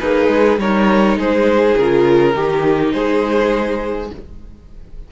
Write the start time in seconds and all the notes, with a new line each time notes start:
0.00 A#3 D#4 G#4 B4
0.28 G#3
0.57 G3 D#4 A#4 C#5
1.16 G#3 G#4 C5
1.78 C#3 F4 A#4
2.33 D#3 D#4 G4
2.92 G#3 G#4 C5